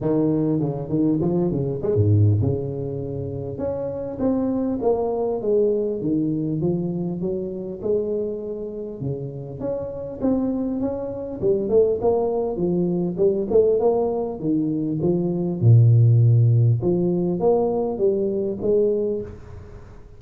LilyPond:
\new Staff \with { instrumentName = "tuba" } { \time 4/4 \tempo 4 = 100 dis4 cis8 dis8 f8 cis8 gis16 gis,8. | cis2 cis'4 c'4 | ais4 gis4 dis4 f4 | fis4 gis2 cis4 |
cis'4 c'4 cis'4 g8 a8 | ais4 f4 g8 a8 ais4 | dis4 f4 ais,2 | f4 ais4 g4 gis4 | }